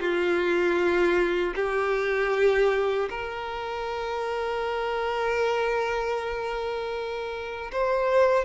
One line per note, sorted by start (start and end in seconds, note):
0.00 1.54 F4
1.55 3.09 G4
3.09 7.71 A#4
7.72 8.45 C5